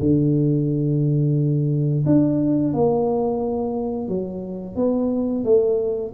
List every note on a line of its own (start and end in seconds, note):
0.00 2.05 D3
2.06 2.74 D4
2.74 4.08 A#3
4.08 4.76 F#3
4.76 5.44 B3
5.44 6.12 A3